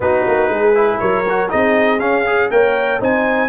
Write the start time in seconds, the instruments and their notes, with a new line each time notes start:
0.00 tuba B3, trombone D#4, horn F#4, trumpet B4
0.27 tuba A#3
0.49 tuba G#3, horn G#4
0.74 trombone E4
0.99 tuba F#3, horn A#4, trumpet C#5
1.29 trombone F#4
1.49 tuba C4, trombone D#4, horn G#4, trumpet D#5
1.99 tuba C#4, trombone C#4, trumpet F5
2.26 trombone G#4
2.50 tuba A#3, trombone A#4, horn C#5, trumpet G5
2.99 tuba C4, trombone D#4, horn C5, trumpet G#5